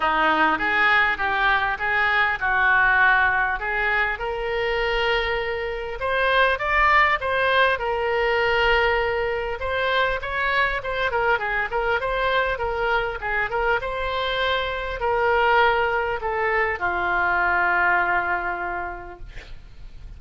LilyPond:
\new Staff \with { instrumentName = "oboe" } { \time 4/4 \tempo 4 = 100 dis'4 gis'4 g'4 gis'4 | fis'2 gis'4 ais'4~ | ais'2 c''4 d''4 | c''4 ais'2. |
c''4 cis''4 c''8 ais'8 gis'8 ais'8 | c''4 ais'4 gis'8 ais'8 c''4~ | c''4 ais'2 a'4 | f'1 | }